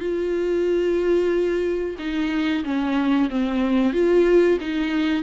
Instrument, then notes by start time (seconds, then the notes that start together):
viola
0.00 F4
1.98 D#4
2.64 C#4
3.30 C4
3.93 F4
4.60 D#4